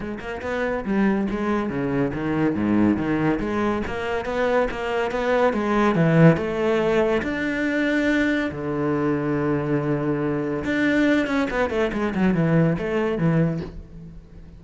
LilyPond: \new Staff \with { instrumentName = "cello" } { \time 4/4 \tempo 4 = 141 gis8 ais8 b4 g4 gis4 | cis4 dis4 gis,4 dis4 | gis4 ais4 b4 ais4 | b4 gis4 e4 a4~ |
a4 d'2. | d1~ | d4 d'4. cis'8 b8 a8 | gis8 fis8 e4 a4 e4 | }